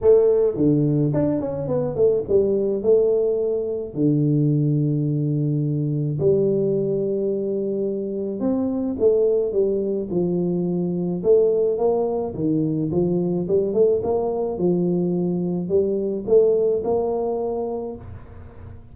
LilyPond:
\new Staff \with { instrumentName = "tuba" } { \time 4/4 \tempo 4 = 107 a4 d4 d'8 cis'8 b8 a8 | g4 a2 d4~ | d2. g4~ | g2. c'4 |
a4 g4 f2 | a4 ais4 dis4 f4 | g8 a8 ais4 f2 | g4 a4 ais2 | }